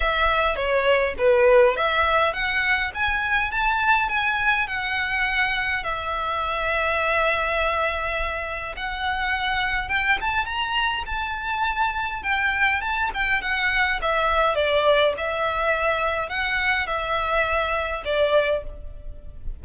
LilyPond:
\new Staff \with { instrumentName = "violin" } { \time 4/4 \tempo 4 = 103 e''4 cis''4 b'4 e''4 | fis''4 gis''4 a''4 gis''4 | fis''2 e''2~ | e''2. fis''4~ |
fis''4 g''8 a''8 ais''4 a''4~ | a''4 g''4 a''8 g''8 fis''4 | e''4 d''4 e''2 | fis''4 e''2 d''4 | }